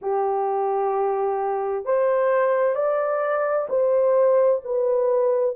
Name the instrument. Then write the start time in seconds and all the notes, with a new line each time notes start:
horn
0.01 G4
1.85 C5
2.75 D5
3.69 C5
4.64 B4